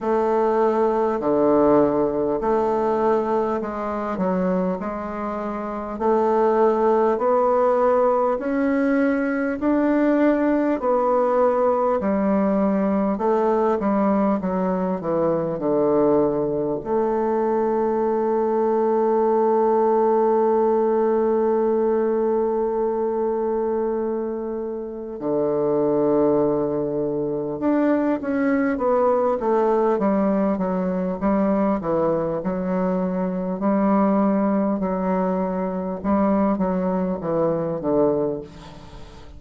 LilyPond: \new Staff \with { instrumentName = "bassoon" } { \time 4/4 \tempo 4 = 50 a4 d4 a4 gis8 fis8 | gis4 a4 b4 cis'4 | d'4 b4 g4 a8 g8 | fis8 e8 d4 a2~ |
a1~ | a4 d2 d'8 cis'8 | b8 a8 g8 fis8 g8 e8 fis4 | g4 fis4 g8 fis8 e8 d8 | }